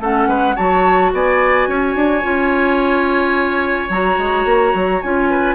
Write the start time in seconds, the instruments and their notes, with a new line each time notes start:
0.00 bassoon A3, clarinet C#4, oboe A4, flute F#5
0.28 bassoon G#3, oboe B4
0.56 bassoon F#3, clarinet F#4, oboe C#5, flute A5
1.14 bassoon B3, oboe D5, flute G#5
1.68 bassoon C#4, oboe C#5
1.96 bassoon D4
2.23 bassoon C#4, clarinet F4
3.90 bassoon F#3, clarinet F#4, flute A#5
4.18 bassoon G#3
4.45 bassoon A#3
4.75 bassoon F#3
5.02 bassoon C#4, clarinet F4, flute G#5
5.31 oboe B4